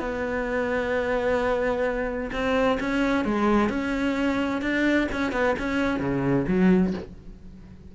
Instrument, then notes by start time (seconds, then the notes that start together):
cello
0.00 B3
2.33 C4
2.80 C#4
3.25 G#3
3.70 C#4
4.62 D4
5.12 C#4
5.32 B3
5.59 C#4
6.00 C#3
6.48 F#3